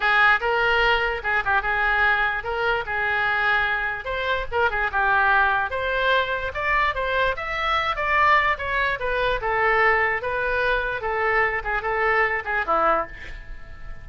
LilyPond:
\new Staff \with { instrumentName = "oboe" } { \time 4/4 \tempo 4 = 147 gis'4 ais'2 gis'8 g'8 | gis'2 ais'4 gis'4~ | gis'2 c''4 ais'8 gis'8 | g'2 c''2 |
d''4 c''4 e''4. d''8~ | d''4 cis''4 b'4 a'4~ | a'4 b'2 a'4~ | a'8 gis'8 a'4. gis'8 e'4 | }